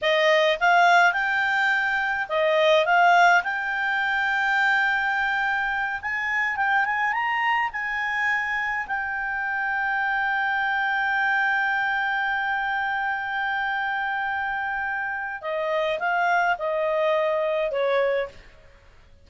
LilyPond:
\new Staff \with { instrumentName = "clarinet" } { \time 4/4 \tempo 4 = 105 dis''4 f''4 g''2 | dis''4 f''4 g''2~ | g''2~ g''8 gis''4 g''8 | gis''8 ais''4 gis''2 g''8~ |
g''1~ | g''1~ | g''2. dis''4 | f''4 dis''2 cis''4 | }